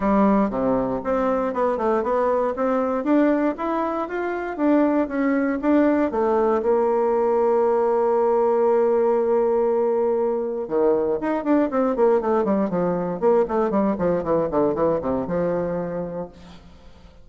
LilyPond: \new Staff \with { instrumentName = "bassoon" } { \time 4/4 \tempo 4 = 118 g4 c4 c'4 b8 a8 | b4 c'4 d'4 e'4 | f'4 d'4 cis'4 d'4 | a4 ais2.~ |
ais1~ | ais4 dis4 dis'8 d'8 c'8 ais8 | a8 g8 f4 ais8 a8 g8 f8 | e8 d8 e8 c8 f2 | }